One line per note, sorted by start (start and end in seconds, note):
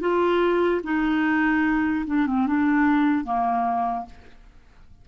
0.00 0.81 F4
0.83 2.05 D#4
2.06 2.27 D4
2.27 2.47 C4
2.47 3.24 D4
3.24 4.05 A#3